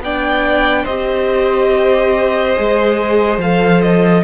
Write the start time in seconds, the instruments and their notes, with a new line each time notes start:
0.00 cello B3, viola D4, violin D5 G5
0.83 cello C4, viola G4, violin C5 D#5
2.56 cello G#3, viola G#4
3.38 cello F3, viola A4, violin F5
3.82 violin D#5